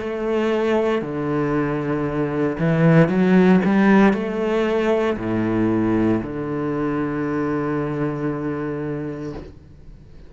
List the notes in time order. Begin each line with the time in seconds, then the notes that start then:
0.00 A3
1.02 D3
2.59 E3
3.09 F#3
3.65 G3
4.14 A3
5.17 A2
6.23 D3